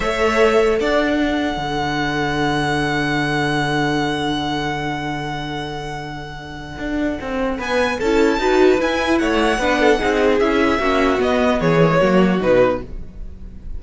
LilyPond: <<
  \new Staff \with { instrumentName = "violin" } { \time 4/4 \tempo 4 = 150 e''2 fis''2~ | fis''1~ | fis''1~ | fis''1~ |
fis''2. gis''4 | a''2 gis''4 fis''4~ | fis''2 e''2 | dis''4 cis''2 b'4 | }
  \new Staff \with { instrumentName = "violin" } { \time 4/4 cis''2 d''4 a'4~ | a'1~ | a'1~ | a'1~ |
a'2. b'4 | a'4 b'2 cis''4 | b'8 a'8 gis'2 fis'4~ | fis'4 gis'4 fis'2 | }
  \new Staff \with { instrumentName = "viola" } { \time 4/4 a'2. d'4~ | d'1~ | d'1~ | d'1~ |
d'1 | e'4 fis'4 e'2 | d'4 dis'4 e'4 cis'4 | b4. ais16 gis16 ais4 dis'4 | }
  \new Staff \with { instrumentName = "cello" } { \time 4/4 a2 d'2 | d1~ | d1~ | d1~ |
d4 d'4 c'4 b4 | cis'4 dis'4 e'4 a4 | b4 c'4 cis'4 ais4 | b4 e4 fis4 b,4 | }
>>